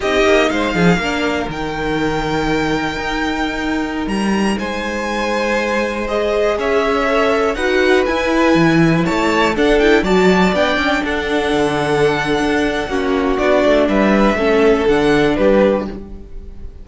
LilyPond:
<<
  \new Staff \with { instrumentName = "violin" } { \time 4/4 \tempo 4 = 121 dis''4 f''2 g''4~ | g''1~ | g''16 ais''4 gis''2~ gis''8.~ | gis''16 dis''4 e''2 fis''8.~ |
fis''16 gis''2 a''4 fis''8 g''16~ | g''16 a''4 g''4 fis''4.~ fis''16~ | fis''2. d''4 | e''2 fis''4 b'4 | }
  \new Staff \with { instrumentName = "violin" } { \time 4/4 g'4 c''8 gis'8 ais'2~ | ais'1~ | ais'4~ ais'16 c''2~ c''8.~ | c''4~ c''16 cis''2 b'8.~ |
b'2~ b'16 cis''4 a'8.~ | a'16 d''2 a'4.~ a'16~ | a'2 fis'2 | b'4 a'2 g'4 | }
  \new Staff \with { instrumentName = "viola" } { \time 4/4 dis'2 d'4 dis'4~ | dis'1~ | dis'1~ | dis'16 gis'2 a'4 fis'8.~ |
fis'16 e'2. d'8 e'16~ | e'16 fis'4 d'2~ d'8.~ | d'2 cis'4 d'4~ | d'4 cis'4 d'2 | }
  \new Staff \with { instrumentName = "cello" } { \time 4/4 c'8 ais8 gis8 f8 ais4 dis4~ | dis2 dis'2~ | dis'16 g4 gis2~ gis8.~ | gis4~ gis16 cis'2 dis'8.~ |
dis'16 e'4 e4 a4 d'8.~ | d'16 fis4 b8 cis'8 d'4 d8.~ | d4 d'4 ais4 b8 a8 | g4 a4 d4 g4 | }
>>